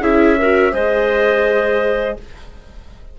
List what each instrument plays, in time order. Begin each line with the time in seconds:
0.00 bassoon C#4, viola E4, clarinet G#4, trumpet E5
0.38 viola F#4, clarinet A#4
0.72 bassoon G#3, viola G#4, clarinet C5, trumpet D#5